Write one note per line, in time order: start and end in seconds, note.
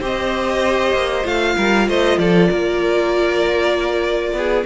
0.00 0.93 C4
0.00 1.23 G4
0.00 1.55 C5
0.00 1.27 D#5
0.93 1.24 A#3
1.23 1.56 A3
1.23 4.64 F4
1.23 1.88 F5
1.56 1.89 G3
1.56 1.87 A#4
1.88 2.18 A3
1.88 2.19 C5
1.88 2.18 D#5
2.18 2.49 F3
2.18 2.50 A4
2.18 4.66 D5
2.50 4.33 A#3
2.50 4.35 A#4
4.33 4.64 B3
4.33 4.66 G#4